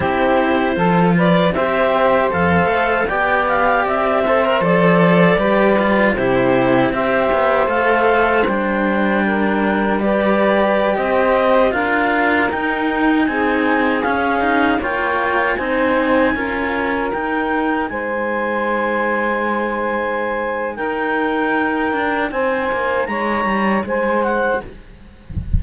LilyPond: <<
  \new Staff \with { instrumentName = "clarinet" } { \time 4/4 \tempo 4 = 78 c''4. d''8 e''4 f''4 | g''8 f''8 e''4 d''2 | c''4 e''4 f''4 g''4~ | g''4 d''4~ d''16 dis''4 f''8.~ |
f''16 g''4 gis''4 f''4 g''8.~ | g''16 gis''2 g''4 gis''8.~ | gis''2. g''4~ | g''4 gis''4 ais''4 gis''8 fis''8 | }
  \new Staff \with { instrumentName = "saxophone" } { \time 4/4 g'4 a'8 b'8 c''2 | d''4. c''4. b'4 | g'4 c''2. | ais'4 b'4~ b'16 c''4 ais'8.~ |
ais'4~ ais'16 gis'2 cis''8.~ | cis''16 c''4 ais'2 c''8.~ | c''2. ais'4~ | ais'4 c''4 cis''4 c''4 | }
  \new Staff \with { instrumentName = "cello" } { \time 4/4 e'4 f'4 g'4 a'4 | g'4. a'16 ais'16 a'4 g'8 f'8 | e'4 g'4 a'4 d'4~ | d'4 g'2~ g'16 f'8.~ |
f'16 dis'2 cis'8 dis'8 f'8.~ | f'16 dis'4 f'4 dis'4.~ dis'16~ | dis'1~ | dis'1 | }
  \new Staff \with { instrumentName = "cello" } { \time 4/4 c'4 f4 c'4 f,8 a8 | b4 c'4 f4 g4 | c4 c'8 b8 a4 g4~ | g2~ g16 c'4 d'8.~ |
d'16 dis'4 c'4 cis'4 ais8.~ | ais16 c'4 cis'4 dis'4 gis8.~ | gis2. dis'4~ | dis'8 d'8 c'8 ais8 gis8 g8 gis4 | }
>>